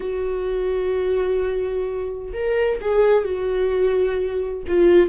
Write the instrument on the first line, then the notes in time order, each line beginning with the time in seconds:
viola
0.00 F#4
2.33 A#4
2.81 G#4
3.24 F#4
4.67 F4